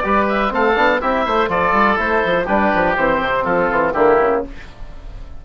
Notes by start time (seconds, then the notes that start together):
0.00 G3 G4 B4 D5
0.29 E5
0.50 A3 C4 A4 F5
0.76 B3 D4
1.01 C4 E4 G4 E5
1.25 A3 C5
1.48 F3 F4 A4 D5
1.72 G3
1.97 A3 E4 C5
2.25 F3
2.45 G3 D4 G4 B4
2.75 F3
2.97 E3 C4 C5
3.22 C3
3.44 F3 F4 A4
3.71 E3
3.93 D3 A#3 E4 G4
4.21 C#3